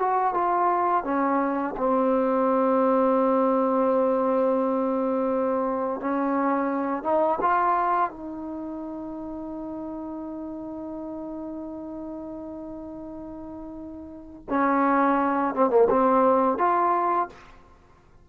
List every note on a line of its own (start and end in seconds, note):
0.00 0.34 F#4
0.34 1.05 F4
1.05 1.75 C#4
1.78 6.01 C4
6.01 7.04 C#4
7.04 7.39 D#4
7.41 8.11 F4
8.11 14.46 D#4
14.50 15.55 C#4
15.55 15.71 C4
15.71 15.88 A#3
15.90 16.59 C4
16.59 17.29 F4